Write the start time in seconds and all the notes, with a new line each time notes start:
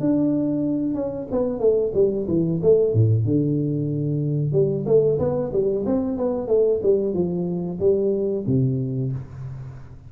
0.00 D4
0.94 C#4
1.31 B3
1.59 A3
1.94 G3
2.28 E3
2.62 A3
2.93 A2
3.25 D3
4.52 G3
4.86 A3
5.19 B3
5.53 G3
5.86 C4
6.17 B3
6.48 A3
6.83 G3
7.14 F3
7.80 G3
8.47 C3